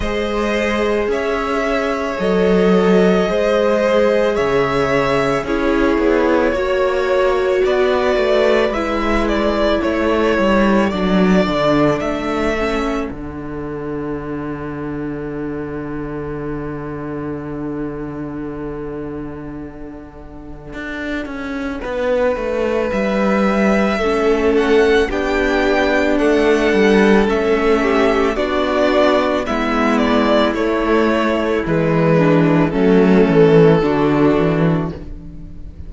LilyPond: <<
  \new Staff \with { instrumentName = "violin" } { \time 4/4 \tempo 4 = 55 dis''4 e''4 dis''2 | e''4 cis''2 d''4 | e''8 d''8 cis''4 d''4 e''4 | fis''1~ |
fis''1~ | fis''4 e''4. fis''8 g''4 | fis''4 e''4 d''4 e''8 d''8 | cis''4 b'4 a'2 | }
  \new Staff \with { instrumentName = "violin" } { \time 4/4 c''4 cis''2 c''4 | cis''4 gis'4 cis''4 b'4~ | b'4 a'2.~ | a'1~ |
a'1 | b'2 a'4 g'4 | a'4. g'8 fis'4 e'4~ | e'4. d'8 cis'4 fis'4 | }
  \new Staff \with { instrumentName = "viola" } { \time 4/4 gis'2 a'4 gis'4~ | gis'4 e'4 fis'2 | e'2 d'4. cis'8 | d'1~ |
d'1~ | d'2 cis'4 d'4~ | d'4 cis'4 d'4 b4 | a4 gis4 a4 d'4 | }
  \new Staff \with { instrumentName = "cello" } { \time 4/4 gis4 cis'4 fis4 gis4 | cis4 cis'8 b8 ais4 b8 a8 | gis4 a8 g8 fis8 d8 a4 | d1~ |
d2. d'8 cis'8 | b8 a8 g4 a4 b4 | a8 g8 a4 b4 gis4 | a4 e4 fis8 e8 d8 e8 | }
>>